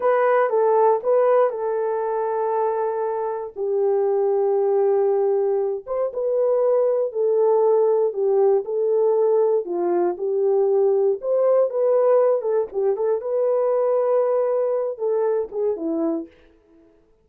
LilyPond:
\new Staff \with { instrumentName = "horn" } { \time 4/4 \tempo 4 = 118 b'4 a'4 b'4 a'4~ | a'2. g'4~ | g'2.~ g'8 c''8 | b'2 a'2 |
g'4 a'2 f'4 | g'2 c''4 b'4~ | b'8 a'8 g'8 a'8 b'2~ | b'4. a'4 gis'8 e'4 | }